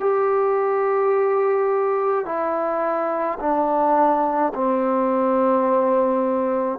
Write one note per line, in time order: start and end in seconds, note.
0.00 2.25 G4
2.25 3.39 E4
3.39 4.52 D4
4.54 6.79 C4